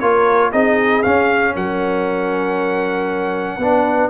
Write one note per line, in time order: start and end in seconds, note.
0.00 0.53 A#3
0.00 0.53 F4
0.00 0.51 A#4
0.00 0.51 C#5
0.51 1.05 C4
0.51 1.04 D#4
0.51 1.54 G#4
0.51 1.03 D#5
1.03 3.61 C#4
1.03 1.56 C#4
1.03 1.54 F5
1.54 3.58 F#3
1.54 3.60 A#4
1.54 4.11 F#5
3.58 4.09 B3
3.58 4.11 D4
3.58 4.11 B4